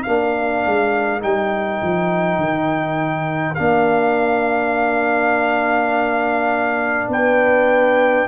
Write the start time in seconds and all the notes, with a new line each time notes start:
0.00 A#4 F5
0.06 A#3 D4
0.66 G#3
1.20 G3 D#4 G5
1.82 F3
2.38 D#3
3.55 A#3 D4 F5
7.08 B3 B4 G5